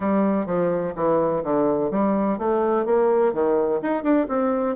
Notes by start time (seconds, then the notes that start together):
0.00 G3
0.46 F3
0.95 E3
1.43 D3
1.90 G3
2.38 A3
2.85 A#3
3.33 D#3
3.82 D#4
4.03 D4
4.28 C4